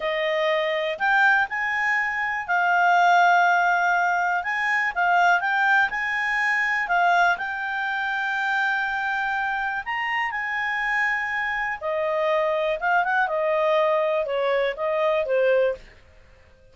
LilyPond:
\new Staff \with { instrumentName = "clarinet" } { \time 4/4 \tempo 4 = 122 dis''2 g''4 gis''4~ | gis''4 f''2.~ | f''4 gis''4 f''4 g''4 | gis''2 f''4 g''4~ |
g''1 | ais''4 gis''2. | dis''2 f''8 fis''8 dis''4~ | dis''4 cis''4 dis''4 c''4 | }